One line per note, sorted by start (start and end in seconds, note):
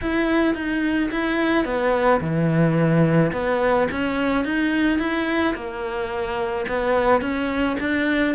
0.01 0.54 E4
0.54 1.10 D#4
1.11 1.64 E4
1.64 2.20 B3
2.20 3.32 E3
3.32 3.87 B3
3.91 4.44 C#4
4.44 4.98 D#4
4.98 5.54 E4
5.54 6.65 A#3
6.68 7.21 B3
7.21 7.77 C#4
7.80 8.35 D4